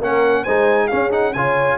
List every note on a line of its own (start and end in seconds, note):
0.00 0.45 A#3
0.00 0.47 C#4
0.00 0.42 A#4
0.00 0.44 F#5
0.42 0.91 G#3
0.42 0.91 D#4
0.42 0.87 C5
0.42 0.88 G#5
0.88 1.11 C#4
0.88 1.36 C#4
0.88 1.34 G#4
0.88 1.10 F5
1.11 1.33 D#4
1.11 1.34 F#5
1.34 1.78 C#3
1.34 1.78 F4
1.34 1.78 C#5
1.34 1.78 G#5